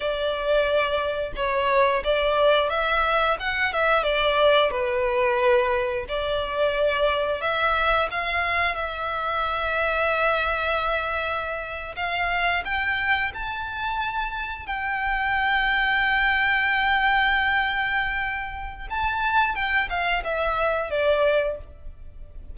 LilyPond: \new Staff \with { instrumentName = "violin" } { \time 4/4 \tempo 4 = 89 d''2 cis''4 d''4 | e''4 fis''8 e''8 d''4 b'4~ | b'4 d''2 e''4 | f''4 e''2.~ |
e''4.~ e''16 f''4 g''4 a''16~ | a''4.~ a''16 g''2~ g''16~ | g''1 | a''4 g''8 f''8 e''4 d''4 | }